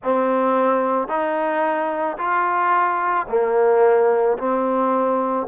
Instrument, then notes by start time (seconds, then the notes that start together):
trombone
0.03 C4
1.08 D#4
2.17 F4
3.28 A#3
4.38 C4